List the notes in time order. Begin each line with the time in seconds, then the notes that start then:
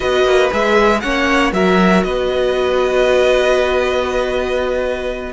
0.00 B3 F#4 B4 D#5
0.24 A#3
0.51 G#3 G#4 E5
1.00 A#3 C#4 C#5 F#5
1.52 F#3 F#4 A#4 E5
2.03 B3 B4 D#5